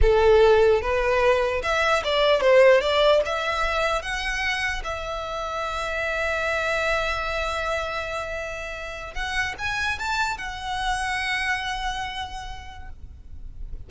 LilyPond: \new Staff \with { instrumentName = "violin" } { \time 4/4 \tempo 4 = 149 a'2 b'2 | e''4 d''4 c''4 d''4 | e''2 fis''2 | e''1~ |
e''1~ | e''2~ e''8. fis''4 gis''16~ | gis''8. a''4 fis''2~ fis''16~ | fis''1 | }